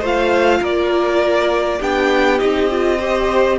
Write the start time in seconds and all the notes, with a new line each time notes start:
0.00 A3 F4 C5 F5
0.61 A#3 A#4 D5
1.79 B3 D4 G4 G5
2.38 C4 D#4 D#5
2.70 F4
2.99 G4 C5